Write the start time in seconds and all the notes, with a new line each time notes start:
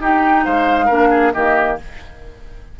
0.00 D#4 G4 G5
0.44 G#3 C5 F5
0.85 A#3 D4 A#4
1.10 G#4
1.33 D#3 A#3 G4 D#5